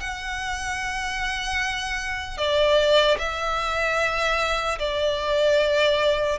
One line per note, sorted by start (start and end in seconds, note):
0.00 2.38 F#5
2.38 3.18 D5
3.18 4.78 E5
4.79 6.39 D5